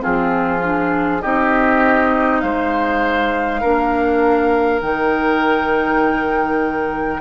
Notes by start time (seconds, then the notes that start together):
0.00 F3 C4 F4 G#4
0.62 D4
1.22 C4 D#4 G4 D#5
2.41 G#3 C5 F5
3.61 A#3 D4 A#4
4.82 D#3 D#4 G5